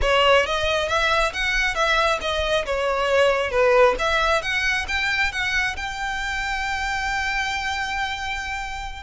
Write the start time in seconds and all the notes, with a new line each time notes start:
0.01 C#5
0.46 D#5
0.88 E5
1.33 F#5
1.74 E5
2.21 D#5
2.65 C#5
3.51 B4
3.98 E5
4.41 F#5
4.87 G5
5.32 F#5
5.76 G5